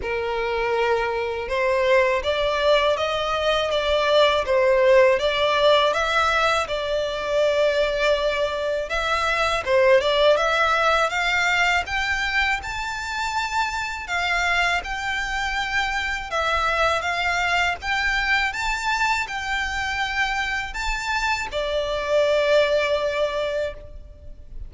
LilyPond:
\new Staff \with { instrumentName = "violin" } { \time 4/4 \tempo 4 = 81 ais'2 c''4 d''4 | dis''4 d''4 c''4 d''4 | e''4 d''2. | e''4 c''8 d''8 e''4 f''4 |
g''4 a''2 f''4 | g''2 e''4 f''4 | g''4 a''4 g''2 | a''4 d''2. | }